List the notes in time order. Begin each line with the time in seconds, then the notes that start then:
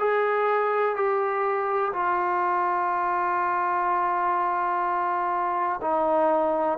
0.00 G#4
0.96 G4
1.94 F4
5.82 D#4